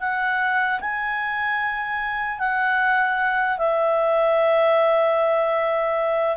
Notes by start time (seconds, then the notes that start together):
0.00 F#5
0.80 G#5
2.39 F#5
3.58 E5